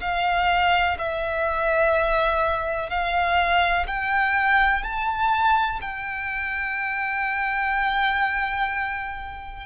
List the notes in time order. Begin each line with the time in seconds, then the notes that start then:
0.00 F5
0.98 E5
2.89 F5
3.86 G5
4.83 A5
5.81 G5